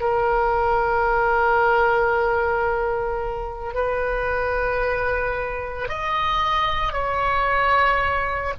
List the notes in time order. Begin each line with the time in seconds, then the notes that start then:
0.00 A#4
3.74 B4
5.89 D#5
6.93 C#5